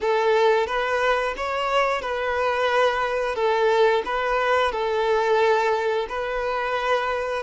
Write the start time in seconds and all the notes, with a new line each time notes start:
0.00 A4
0.66 B4
1.36 C#5
2.01 B4
3.35 A4
4.04 B4
4.72 A4
6.09 B4